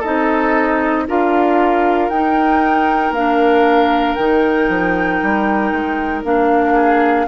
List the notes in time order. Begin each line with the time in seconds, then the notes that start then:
0.00 D#4 A4 D#5
0.06 C4
1.08 D4 F4 A#4 F5
2.10 D#4 G5
3.11 A#3 D4 F5
4.15 D#3 D#4 G5
4.69 F3
5.23 G3
5.72 G#3
6.24 A#3 D4 F5
6.74 G#4